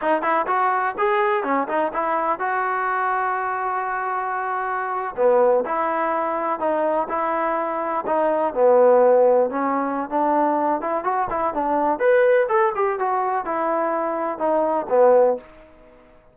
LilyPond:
\new Staff \with { instrumentName = "trombone" } { \time 4/4 \tempo 4 = 125 dis'8 e'8 fis'4 gis'4 cis'8 dis'8 | e'4 fis'2.~ | fis'2~ fis'8. b4 e'16~ | e'4.~ e'16 dis'4 e'4~ e'16~ |
e'8. dis'4 b2 cis'16~ | cis'4 d'4. e'8 fis'8 e'8 | d'4 b'4 a'8 g'8 fis'4 | e'2 dis'4 b4 | }